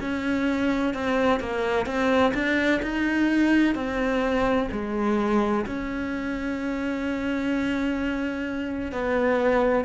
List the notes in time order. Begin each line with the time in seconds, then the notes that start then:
0.00 C#4
0.94 C4
1.40 A#3
1.86 C4
2.34 D4
2.82 D#4
3.74 C4
4.71 G#3
5.65 C#4
8.92 B3